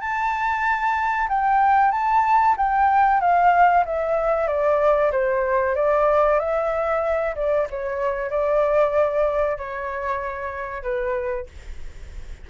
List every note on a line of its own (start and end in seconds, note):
0.00 1.28 A5
1.29 1.91 G5
1.91 2.55 A5
2.57 3.20 G5
3.20 3.84 F5
3.86 4.47 E5
4.47 5.11 D5
5.12 5.75 C5
5.75 6.39 D5
6.39 7.35 E5
7.35 7.67 D5
7.70 8.29 C#5
8.29 9.57 D5
9.57 10.82 C#5
10.82 11.46 B4